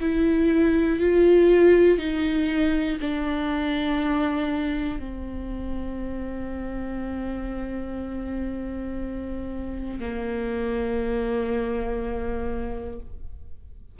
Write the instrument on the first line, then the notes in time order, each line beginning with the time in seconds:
viola
0.00 E4
0.99 F4
1.98 D#4
3.00 D4
4.99 C4
9.99 A#3